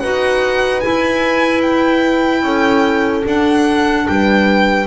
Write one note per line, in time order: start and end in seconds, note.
0.00 0.85 D#4
0.00 0.82 F#4
0.00 2.44 B4
0.00 0.81 F#5
0.81 3.23 E4
0.81 2.43 E4
0.81 1.62 G#5
1.62 3.24 G5
2.43 3.24 C#4
2.43 4.07 A4
3.23 4.86 D4
3.23 4.07 D4
3.23 4.08 F#5
4.08 4.87 G3
4.08 4.87 B4
4.08 4.87 G5